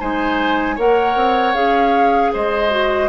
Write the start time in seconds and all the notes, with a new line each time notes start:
0.00 G#3 D#4 C5 G#5
0.76 A#3 A#4 C#5 F#5
1.16 C4
1.55 C#4 G#4 F5
2.33 G#3 C5 D#5
2.71 F#4